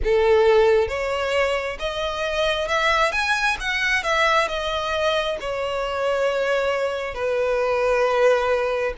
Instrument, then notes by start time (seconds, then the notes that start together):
violin
0.04 A4
0.88 C#5
1.79 D#5
2.67 E5
3.12 G#5
3.59 F#5
4.03 E5
4.48 D#5
5.40 C#5
7.14 B4